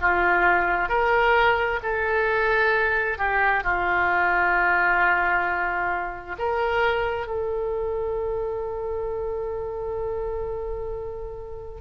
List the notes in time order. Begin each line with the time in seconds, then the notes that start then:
0.00 F4
0.88 A#4
1.83 A4
3.18 G4
3.63 F4
6.38 A#4
7.27 A4